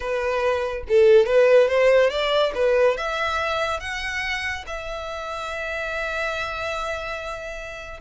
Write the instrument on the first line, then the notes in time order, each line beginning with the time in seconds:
violin
0.00 B4
0.88 A4
1.26 B4
1.68 C5
2.10 D5
2.54 B4
2.97 E5
3.80 F#5
4.67 E5